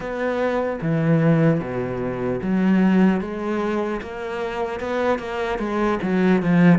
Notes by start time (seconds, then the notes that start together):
0.00 B3
0.81 E3
1.60 B2
2.41 F#3
3.20 G#3
4.01 A#3
4.80 B3
5.18 A#3
5.59 G#3
6.02 F#3
6.42 F3